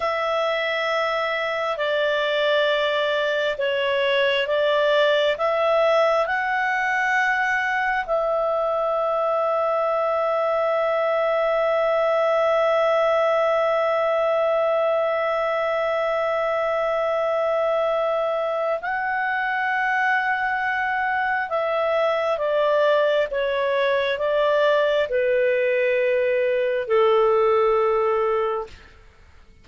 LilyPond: \new Staff \with { instrumentName = "clarinet" } { \time 4/4 \tempo 4 = 67 e''2 d''2 | cis''4 d''4 e''4 fis''4~ | fis''4 e''2.~ | e''1~ |
e''1~ | e''4 fis''2. | e''4 d''4 cis''4 d''4 | b'2 a'2 | }